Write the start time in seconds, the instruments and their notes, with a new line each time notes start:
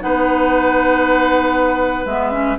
0.00 bassoon B3, clarinet D#4, oboe B4, flute F#5
2.06 bassoon G#3, clarinet B3, flute E5
2.31 clarinet C#4